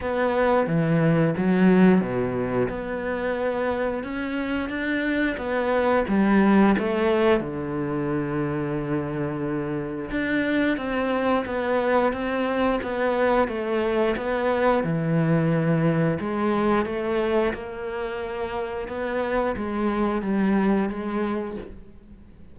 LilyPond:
\new Staff \with { instrumentName = "cello" } { \time 4/4 \tempo 4 = 89 b4 e4 fis4 b,4 | b2 cis'4 d'4 | b4 g4 a4 d4~ | d2. d'4 |
c'4 b4 c'4 b4 | a4 b4 e2 | gis4 a4 ais2 | b4 gis4 g4 gis4 | }